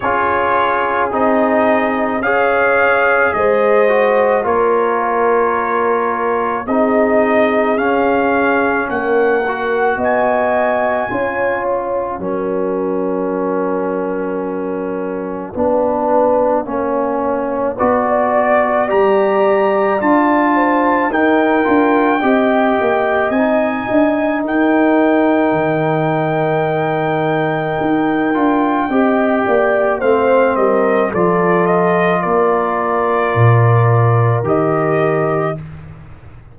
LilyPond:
<<
  \new Staff \with { instrumentName = "trumpet" } { \time 4/4 \tempo 4 = 54 cis''4 dis''4 f''4 dis''4 | cis''2 dis''4 f''4 | fis''4 gis''4. fis''4.~ | fis''1 |
d''4 ais''4 a''4 g''4~ | g''4 gis''4 g''2~ | g''2. f''8 dis''8 | d''8 dis''8 d''2 dis''4 | }
  \new Staff \with { instrumentName = "horn" } { \time 4/4 gis'2 cis''4 c''4 | ais'2 gis'2 | ais'4 dis''4 cis''4 ais'4~ | ais'2 b'4 cis''4 |
b'16 d''2~ d''16 c''8 ais'4 | dis''2 ais'2~ | ais'2 dis''8 d''8 c''8 ais'8 | a'4 ais'2. | }
  \new Staff \with { instrumentName = "trombone" } { \time 4/4 f'4 dis'4 gis'4. fis'8 | f'2 dis'4 cis'4~ | cis'8 fis'4. f'4 cis'4~ | cis'2 d'4 cis'4 |
fis'4 g'4 f'4 dis'8 f'8 | g'4 dis'2.~ | dis'4. f'8 g'4 c'4 | f'2. g'4 | }
  \new Staff \with { instrumentName = "tuba" } { \time 4/4 cis'4 c'4 cis'4 gis4 | ais2 c'4 cis'4 | ais4 b4 cis'4 fis4~ | fis2 b4 ais4 |
b4 g4 d'4 dis'8 d'8 | c'8 ais8 c'8 d'8 dis'4 dis4~ | dis4 dis'8 d'8 c'8 ais8 a8 g8 | f4 ais4 ais,4 dis4 | }
>>